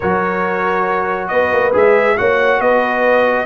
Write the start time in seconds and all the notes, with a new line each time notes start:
0.00 F#3 F#4 A#4 C#5
1.27 B3 B4 D#5
1.52 A#3
1.72 G#3 G#4 E5
2.17 A#3 F#4 C#5 F#5
2.59 B3 B4 D#5